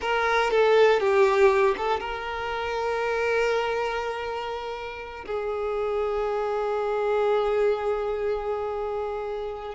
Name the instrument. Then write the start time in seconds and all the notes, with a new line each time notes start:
violin
0.01 A#4
0.50 A4
1.00 G4
1.77 A4
2.00 A#4
5.25 G#4